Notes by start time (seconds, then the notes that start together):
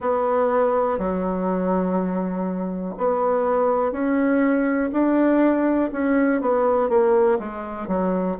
0.00 B3
0.98 F#3
2.97 B3
3.92 C#4
4.92 D4
5.92 C#4
6.41 B3
6.89 A#3
7.39 G#3
7.87 F#3